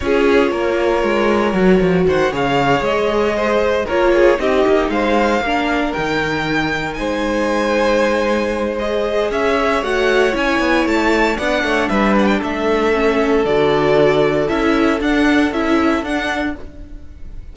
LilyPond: <<
  \new Staff \with { instrumentName = "violin" } { \time 4/4 \tempo 4 = 116 cis''1 | fis''8 f''4 dis''2 cis''8~ | cis''8 dis''4 f''2 g''8~ | g''4. gis''2~ gis''8~ |
gis''4 dis''4 e''4 fis''4 | gis''4 a''4 fis''4 e''8 fis''16 g''16 | e''2 d''2 | e''4 fis''4 e''4 fis''4 | }
  \new Staff \with { instrumentName = "violin" } { \time 4/4 gis'4 ais'2. | c''8 cis''2 c''4 ais'8 | gis'8 g'4 c''4 ais'4.~ | ais'4. c''2~ c''8~ |
c''2 cis''2~ | cis''2 d''8 cis''8 b'4 | a'1~ | a'1 | }
  \new Staff \with { instrumentName = "viola" } { \time 4/4 f'2. fis'4~ | fis'8 gis'2. f'8~ | f'8 dis'2 d'4 dis'8~ | dis'1~ |
dis'4 gis'2 fis'4 | e'2 d'2~ | d'4 cis'4 fis'2 | e'4 d'4 e'4 d'4 | }
  \new Staff \with { instrumentName = "cello" } { \time 4/4 cis'4 ais4 gis4 fis8 f8 | dis8 cis4 gis2 ais8~ | ais8 c'8 ais8 gis4 ais4 dis8~ | dis4. gis2~ gis8~ |
gis2 cis'4 a4 | cis'8 b8 a4 b8 a8 g4 | a2 d2 | cis'4 d'4 cis'4 d'4 | }
>>